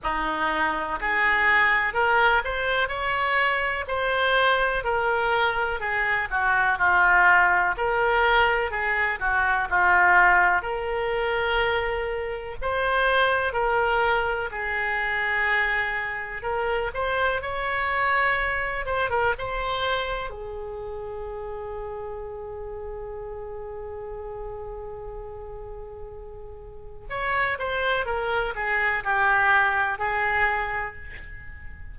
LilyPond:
\new Staff \with { instrumentName = "oboe" } { \time 4/4 \tempo 4 = 62 dis'4 gis'4 ais'8 c''8 cis''4 | c''4 ais'4 gis'8 fis'8 f'4 | ais'4 gis'8 fis'8 f'4 ais'4~ | ais'4 c''4 ais'4 gis'4~ |
gis'4 ais'8 c''8 cis''4. c''16 ais'16 | c''4 gis'2.~ | gis'1 | cis''8 c''8 ais'8 gis'8 g'4 gis'4 | }